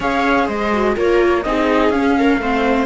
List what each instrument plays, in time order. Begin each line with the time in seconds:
0.00 cello C#4, viola G#4 C#5, flute F5
0.46 cello G#3, viola C5, flute D#5
0.72 viola F#4
0.95 cello A#3, viola F4 A#4, flute C#5
1.42 cello C4, viola D#4 G#4, flute D#5
1.89 cello C#4, viola C#4, flute F5
2.18 viola A#4
2.37 cello A3, viola C4 C5